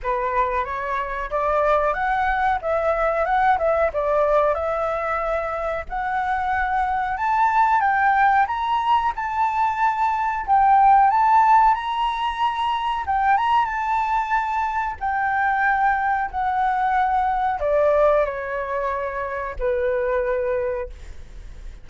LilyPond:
\new Staff \with { instrumentName = "flute" } { \time 4/4 \tempo 4 = 92 b'4 cis''4 d''4 fis''4 | e''4 fis''8 e''8 d''4 e''4~ | e''4 fis''2 a''4 | g''4 ais''4 a''2 |
g''4 a''4 ais''2 | g''8 ais''8 a''2 g''4~ | g''4 fis''2 d''4 | cis''2 b'2 | }